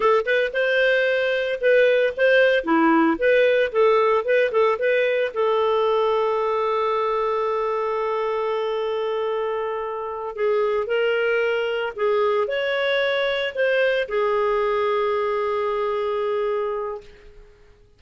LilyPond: \new Staff \with { instrumentName = "clarinet" } { \time 4/4 \tempo 4 = 113 a'8 b'8 c''2 b'4 | c''4 e'4 b'4 a'4 | b'8 a'8 b'4 a'2~ | a'1~ |
a'2.~ a'8 gis'8~ | gis'8 ais'2 gis'4 cis''8~ | cis''4. c''4 gis'4.~ | gis'1 | }